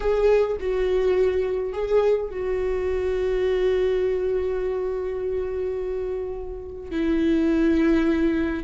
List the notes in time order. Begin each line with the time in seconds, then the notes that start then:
0.00 G#4
0.60 F#4
1.73 G#4
2.30 F#4
6.90 E4